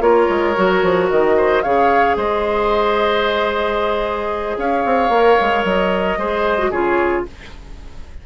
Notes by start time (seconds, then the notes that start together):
0.00 A#3 F4 A#4 C#5
0.29 G#3
0.56 F#3 F#4
0.82 F3
1.09 D#3 D#5
1.37 C5
1.62 C#3 G#4 C#5 F5
2.16 G#3 C5 D#5
4.57 C#4 C#5 F5
4.85 C4
5.09 A#3 A#4
5.40 G#3
5.64 F#3 D#5
6.17 G#3 G#4 C5
6.58 F#4
6.70 C#3 F4 G#4 C#5